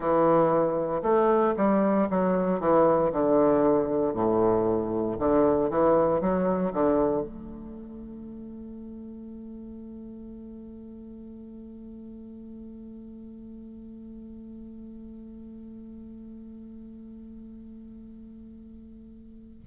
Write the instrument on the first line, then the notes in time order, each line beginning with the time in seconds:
bassoon
0.00 E3
1.02 A3
1.57 G3
2.10 F#3
2.60 E3
3.12 D3
4.13 A2
5.18 D3
5.69 E3
6.21 F#3
6.73 D3
7.21 A3